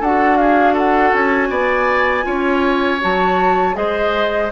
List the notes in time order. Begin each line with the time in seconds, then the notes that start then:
0.00 D4 F#4 A4 F#5
0.37 G#4 F5
0.73 A4 F#5
1.13 C#4 G#5
1.50 B3 D5
2.23 C#4 F4 C#5
3.01 F#3 F#4 A5
3.73 G#3 G#4 C5 D#5